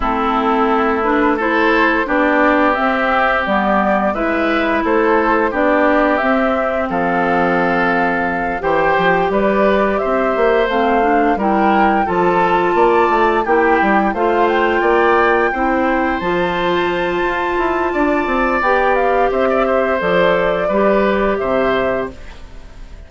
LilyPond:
<<
  \new Staff \with { instrumentName = "flute" } { \time 4/4 \tempo 4 = 87 a'4. b'8 c''4 d''4 | e''4 d''4 e''4 c''4 | d''4 e''4 f''2~ | f''8 g''4 d''4 e''4 f''8~ |
f''8 g''4 a''2 g''8~ | g''8 f''8 g''2~ g''8 a''8~ | a''2. g''8 f''8 | e''4 d''2 e''4 | }
  \new Staff \with { instrumentName = "oboe" } { \time 4/4 e'2 a'4 g'4~ | g'2 b'4 a'4 | g'2 a'2~ | a'8 c''4 b'4 c''4.~ |
c''8 ais'4 a'4 d''4 g'8~ | g'8 c''4 d''4 c''4.~ | c''2 d''2 | c''16 d''16 c''4. b'4 c''4 | }
  \new Staff \with { instrumentName = "clarinet" } { \time 4/4 c'4. d'8 e'4 d'4 | c'4 b4 e'2 | d'4 c'2.~ | c'8 g'2. c'8 |
d'8 e'4 f'2 e'8~ | e'8 f'2 e'4 f'8~ | f'2. g'4~ | g'4 a'4 g'2 | }
  \new Staff \with { instrumentName = "bassoon" } { \time 4/4 a2. b4 | c'4 g4 gis4 a4 | b4 c'4 f2~ | f8 e8 f8 g4 c'8 ais8 a8~ |
a8 g4 f4 ais8 a8 ais8 | g8 a4 ais4 c'4 f8~ | f4 f'8 e'8 d'8 c'8 b4 | c'4 f4 g4 c4 | }
>>